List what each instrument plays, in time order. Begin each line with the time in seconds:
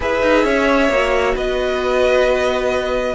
0.00 cello E4, viola G#4, violin B4 E5
0.22 cello D#4
0.44 cello C#4, violin C#5
0.89 cello A#3, viola F#4
1.34 cello B3, violin B4 D#5